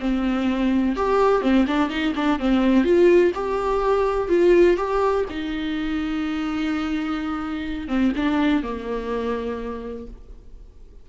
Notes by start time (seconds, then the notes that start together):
0.00 C4
0.96 G4
1.42 C4
1.67 D4
1.90 D#4
2.16 D4
2.40 C4
2.84 F4
3.35 G4
4.29 F4
4.77 G4
5.30 D#4
7.88 C4
8.16 D4
8.63 A#3